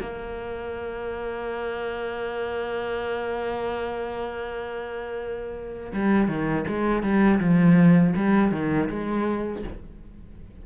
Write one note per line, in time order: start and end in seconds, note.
0.00 5.93 A#3
5.94 6.28 G3
6.28 6.65 D#3
6.68 7.03 G#3
7.03 7.40 G3
7.40 8.14 F3
8.16 8.52 G3
8.52 8.89 D#3
8.90 9.64 G#3